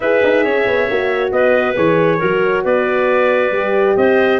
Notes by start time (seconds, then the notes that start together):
0.00 E4 G#4 B4 E5
0.23 D#4
0.43 C#4 C#5
0.67 B3
0.90 A#3 F#4
1.31 B3 B4 D#5
1.75 E3 G#4 C#5
2.18 F#3 F#4 A#4
2.63 B3 B4 D5
3.51 G3 G4
3.96 C4 C5 D#5